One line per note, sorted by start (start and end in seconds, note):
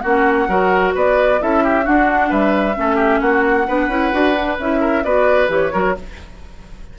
0.00 0.48 A#3
0.00 0.49 C#4
0.00 0.48 F#4
0.00 0.91 F#5
0.48 0.93 F#3
0.48 1.39 F#4
0.48 0.94 A#4
0.94 1.41 B3
0.94 1.40 B4
0.94 1.42 D5
1.39 1.87 C#4
1.39 1.83 E4
1.39 1.63 A4
1.39 1.86 E5
1.63 1.84 G4
1.83 2.74 D4
1.83 2.31 D4
1.83 2.29 F#4
1.83 2.32 F#5
2.29 2.76 G3
2.29 2.75 B4
2.29 3.20 E5
2.75 3.21 A3
2.75 3.66 C#4
2.75 2.96 A4
2.96 3.18 G4
3.20 3.66 A#3
3.20 3.66 F#4
3.20 4.56 F#5
3.67 3.88 B3
3.67 3.90 D4
3.67 4.80 B4
3.88 4.11 C#4
3.88 4.12 E4
4.12 4.59 D4
4.12 4.34 F#4
4.34 4.56 D4
4.59 5.04 C#4
4.59 5.04 E4
4.59 5.04 E5
4.80 5.03 A#4
5.04 5.48 B3
5.04 5.48 F#4
5.04 5.73 B4
5.04 5.49 D5
5.48 5.71 E3
5.48 5.71 G4
5.48 5.98 C#5
5.72 5.97 F#3
5.72 5.95 F#4
5.72 5.95 A#4